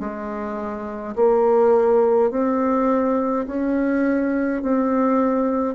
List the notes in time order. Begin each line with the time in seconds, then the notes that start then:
0.00 G#3
1.15 A#3
2.31 C4
3.47 C#4
4.62 C4